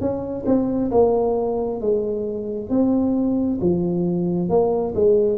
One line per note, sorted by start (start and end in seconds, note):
0.00 0.45 C#4
0.46 0.91 C4
0.91 1.81 A#3
1.81 2.69 G#3
2.69 3.59 C4
3.61 4.49 F3
4.49 4.94 A#3
4.95 5.38 G#3